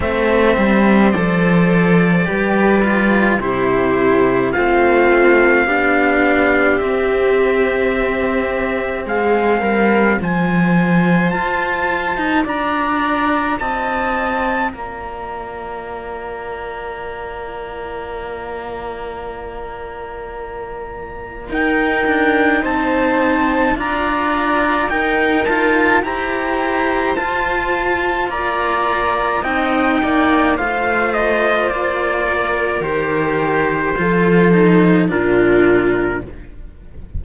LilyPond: <<
  \new Staff \with { instrumentName = "trumpet" } { \time 4/4 \tempo 4 = 53 e''4 d''2 c''4 | f''2 e''2 | f''4 gis''4 a''4 ais''4 | a''4 ais''2.~ |
ais''2. g''4 | a''4 ais''4 g''8 a''8 ais''4 | a''4 ais''4 g''4 f''8 dis''8 | d''4 c''2 ais'4 | }
  \new Staff \with { instrumentName = "viola" } { \time 4/4 c''2 b'4 g'4 | f'4 g'2. | gis'8 ais'8 c''2 d''4 | dis''4 d''2.~ |
d''2. ais'4 | c''4 d''4 ais'4 c''4~ | c''4 d''4 dis''8 d''8 c''4~ | c''8 ais'4. a'4 f'4 | }
  \new Staff \with { instrumentName = "cello" } { \time 4/4 c'4 a'4 g'8 f'8 e'4 | c'4 d'4 c'2~ | c'4 f'2.~ | f'1~ |
f'2. dis'4~ | dis'4 f'4 dis'8 f'8 g'4 | f'2 dis'4 f'4~ | f'4 g'4 f'8 dis'8 d'4 | }
  \new Staff \with { instrumentName = "cello" } { \time 4/4 a8 g8 f4 g4 c4 | a4 b4 c'2 | gis8 g8 f4 f'8. dis'16 d'4 | c'4 ais2.~ |
ais2. dis'8 d'8 | c'4 d'4 dis'4 e'4 | f'4 ais4 c'8 ais8 a4 | ais4 dis4 f4 ais,4 | }
>>